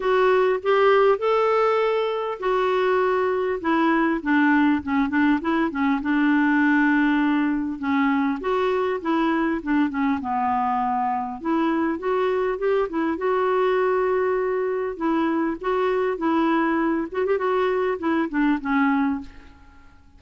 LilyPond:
\new Staff \with { instrumentName = "clarinet" } { \time 4/4 \tempo 4 = 100 fis'4 g'4 a'2 | fis'2 e'4 d'4 | cis'8 d'8 e'8 cis'8 d'2~ | d'4 cis'4 fis'4 e'4 |
d'8 cis'8 b2 e'4 | fis'4 g'8 e'8 fis'2~ | fis'4 e'4 fis'4 e'4~ | e'8 fis'16 g'16 fis'4 e'8 d'8 cis'4 | }